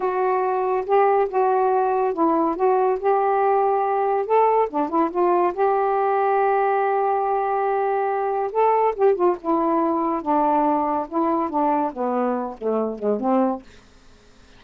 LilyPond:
\new Staff \with { instrumentName = "saxophone" } { \time 4/4 \tempo 4 = 141 fis'2 g'4 fis'4~ | fis'4 e'4 fis'4 g'4~ | g'2 a'4 d'8 e'8 | f'4 g'2.~ |
g'1 | a'4 g'8 f'8 e'2 | d'2 e'4 d'4 | b4. a4 gis8 c'4 | }